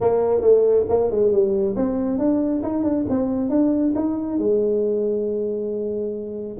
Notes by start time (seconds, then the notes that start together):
0.01 A#3
0.41 A3
0.88 A#3
1.10 G#3
1.31 G3
1.76 C4
2.18 D4
2.63 D#4
2.83 D4
3.09 C4
3.49 D4
3.95 D#4
4.38 G#3